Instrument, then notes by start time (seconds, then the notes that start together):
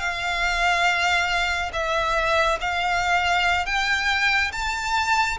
violin
0.00 F5
1.73 E5
2.61 F5
3.66 G5
4.52 A5